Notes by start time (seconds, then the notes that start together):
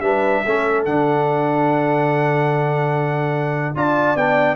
0.00 G3 D4 B4 E5
0.44 A3 C#4 A4
0.85 D3 D4 F#5
3.75 D4 F4 D5 A5
4.15 B3 D4 G5